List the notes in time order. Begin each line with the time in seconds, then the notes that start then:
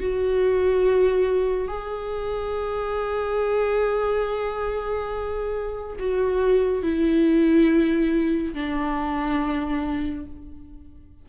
0.00 F#4
1.68 G#4
5.99 F#4
6.83 E4
8.54 D4